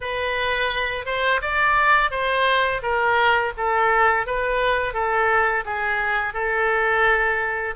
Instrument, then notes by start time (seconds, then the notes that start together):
oboe
0.00 B4
1.05 C5
1.41 D5
2.10 C5
2.82 A#4
3.56 A4
4.26 B4
4.93 A4
5.65 G#4
6.33 A4